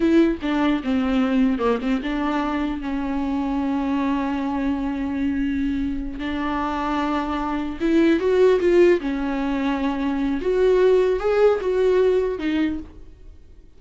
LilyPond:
\new Staff \with { instrumentName = "viola" } { \time 4/4 \tempo 4 = 150 e'4 d'4 c'2 | ais8 c'8 d'2 cis'4~ | cis'1~ | cis'2.~ cis'8 d'8~ |
d'2.~ d'8 e'8~ | e'8 fis'4 f'4 cis'4.~ | cis'2 fis'2 | gis'4 fis'2 dis'4 | }